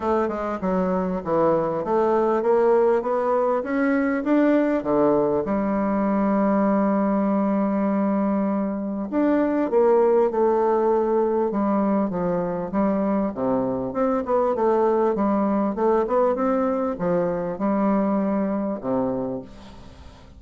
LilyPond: \new Staff \with { instrumentName = "bassoon" } { \time 4/4 \tempo 4 = 99 a8 gis8 fis4 e4 a4 | ais4 b4 cis'4 d'4 | d4 g2.~ | g2. d'4 |
ais4 a2 g4 | f4 g4 c4 c'8 b8 | a4 g4 a8 b8 c'4 | f4 g2 c4 | }